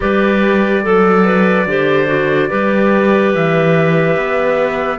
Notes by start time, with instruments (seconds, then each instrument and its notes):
0.00 cello G3, clarinet G4 B4, trumpet D5
0.82 cello F#3, clarinet A4
1.25 clarinet B4
1.66 cello D3, clarinet G4 C5
2.07 clarinet F#4
2.48 cello G3, clarinet G4 B4
3.34 cello E3, trumpet E5
4.16 cello B3